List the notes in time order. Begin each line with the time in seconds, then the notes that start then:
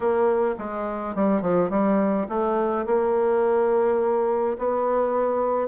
0.00 A#3
0.58 G#3
1.15 G3
1.41 F3
1.70 G3
2.28 A3
2.85 A#3
4.58 B3